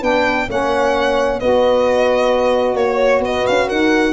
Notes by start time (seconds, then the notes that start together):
0.00 B3 D4 B4 G5
0.49 A#3 C#4 C#5 F#5
1.39 B3 F#4 B4 D#5
2.74 A#3 C#5
2.80 C#5
3.19 B3 D#5
3.25 B4
3.47 C#4 F5
3.67 D#4 A#4 F#5